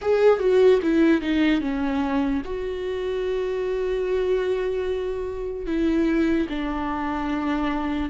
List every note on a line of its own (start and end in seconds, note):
0.01 0.39 G#4
0.39 0.80 F#4
0.82 1.21 E4
1.21 1.60 D#4
1.60 2.41 C#4
2.44 5.66 F#4
5.66 6.47 E4
6.49 8.10 D4